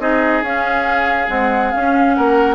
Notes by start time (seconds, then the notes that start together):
0.00 C4 D#4 G#4 D#5
0.43 C#4 F5
1.28 G#3 C4 F#5
1.72 C#4 F5
2.15 A#3 A#4 F#5